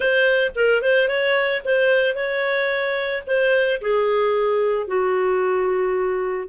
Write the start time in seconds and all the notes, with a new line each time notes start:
0.00 C5
0.55 A#4
0.82 C5
1.08 C#5
1.64 C5
2.15 C#5
3.26 C5
3.81 G#4
4.87 F#4